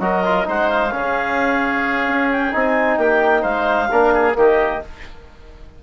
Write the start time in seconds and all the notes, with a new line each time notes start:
0.00 F#3 F#4 A#4 D#5
0.25 F4
0.44 G#3 D#4 C5 F#5
0.69 F5
0.92 C#3 C#4 G#4
2.07 C#4
2.31 G5
2.52 C4 D#4 G#5
2.97 A#3 G4 G5
3.42 G#3 C5 F5
3.91 A#3 D4 A#4
4.14 G#4
4.33 D#3 A#3 G4 D#5